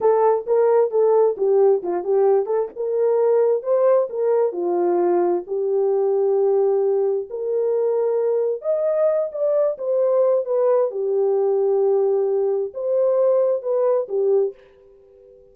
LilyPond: \new Staff \with { instrumentName = "horn" } { \time 4/4 \tempo 4 = 132 a'4 ais'4 a'4 g'4 | f'8 g'4 a'8 ais'2 | c''4 ais'4 f'2 | g'1 |
ais'2. dis''4~ | dis''8 d''4 c''4. b'4 | g'1 | c''2 b'4 g'4 | }